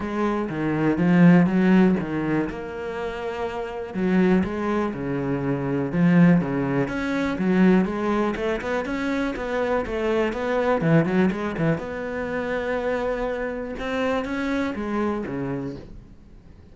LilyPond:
\new Staff \with { instrumentName = "cello" } { \time 4/4 \tempo 4 = 122 gis4 dis4 f4 fis4 | dis4 ais2. | fis4 gis4 cis2 | f4 cis4 cis'4 fis4 |
gis4 a8 b8 cis'4 b4 | a4 b4 e8 fis8 gis8 e8 | b1 | c'4 cis'4 gis4 cis4 | }